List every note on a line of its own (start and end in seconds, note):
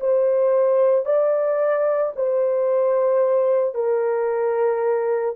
0.00 1.05 C5
1.05 2.12 D5
2.16 3.75 C5
3.75 5.35 A#4